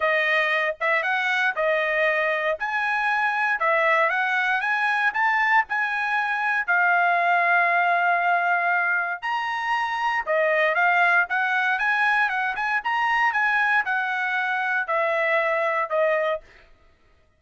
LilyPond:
\new Staff \with { instrumentName = "trumpet" } { \time 4/4 \tempo 4 = 117 dis''4. e''8 fis''4 dis''4~ | dis''4 gis''2 e''4 | fis''4 gis''4 a''4 gis''4~ | gis''4 f''2.~ |
f''2 ais''2 | dis''4 f''4 fis''4 gis''4 | fis''8 gis''8 ais''4 gis''4 fis''4~ | fis''4 e''2 dis''4 | }